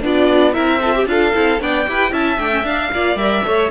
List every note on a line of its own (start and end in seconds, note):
0.00 0.56 B3
0.00 0.53 D4
0.00 0.54 F4
0.00 0.54 D5
0.53 1.06 C4
0.53 0.80 E4
0.53 0.79 A#4
0.53 1.06 E5
0.82 0.95 F4
0.82 0.95 A4
0.95 1.07 G4
0.95 1.08 G4
1.06 1.32 D4
1.06 1.33 F4
1.06 1.61 A4
1.06 1.61 F5
1.33 1.61 C4
1.33 1.59 E4
1.60 1.87 B3
1.60 1.86 D4
1.60 1.88 D5
1.60 2.13 G5
1.87 2.12 E4
1.87 2.12 G4
1.87 2.11 B4
2.11 2.38 C#4
2.11 2.38 E4
2.11 2.90 E5
2.11 2.39 A5
2.39 2.63 A3
2.39 2.51 D4
2.39 2.65 G5
2.51 2.64 C#4
2.63 2.89 D4
2.63 2.93 D4
2.63 3.17 F5
2.92 3.15 A#3
2.92 3.18 F4
2.92 3.46 D5
3.15 3.41 G3
3.15 3.44 A#4
3.15 3.70 E5
3.45 3.71 A3
3.45 3.71 A4
3.45 3.71 C#5